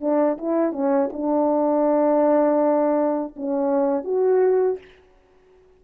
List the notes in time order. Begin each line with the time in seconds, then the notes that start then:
0.00 D4
0.38 E4
0.72 C#4
1.12 D4
3.36 C#4
4.04 F#4